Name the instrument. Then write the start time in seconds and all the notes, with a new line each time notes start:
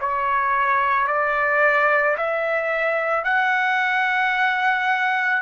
trumpet
0.00 C#5
1.07 D5
2.17 E5
3.24 F#5